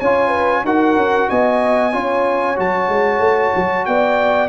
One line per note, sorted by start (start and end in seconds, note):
0.00 0.64 C#4
0.00 0.65 F4
0.00 0.28 C#5
0.00 0.65 G#5
0.28 0.60 B4
0.64 0.95 D#4
0.64 1.92 F#4
0.64 1.29 A#4
0.64 1.29 F#5
0.95 1.28 C#4
1.29 1.94 B3
1.29 1.93 D#5
1.29 2.58 G#5
1.92 2.58 C#4
1.92 2.56 F4
1.92 3.87 C#5
2.56 2.88 F#3
2.56 4.48 F#4
2.56 3.85 A5
2.88 3.19 G#3
3.19 3.52 A3
3.55 3.86 F#3
3.85 4.48 B3
3.85 4.48 D5
3.85 4.48 G5